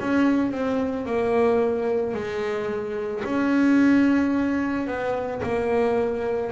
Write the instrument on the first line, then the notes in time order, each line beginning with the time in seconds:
double bass
0.00 C#4
0.51 C4
1.06 A#3
2.14 G#3
3.24 C#4
4.87 B3
5.42 A#3